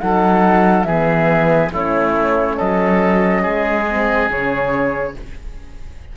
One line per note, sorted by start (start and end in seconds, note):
0.00 0.85 F#3
0.00 0.86 D#4
0.00 0.87 A4
0.00 0.84 F#5
0.84 1.71 E3
0.84 1.72 B3
0.84 1.72 G#4
0.84 1.70 E5
1.72 2.58 A3
1.72 3.88 C#4
1.72 2.57 E4
1.72 2.59 C#5
2.57 3.46 F#3
2.57 3.42 A4
2.57 4.30 D#5
3.42 4.29 G#3
3.42 5.14 G#4
3.89 4.31 C4
4.29 5.15 C#3
4.29 5.16 C#4
4.29 5.17 C#5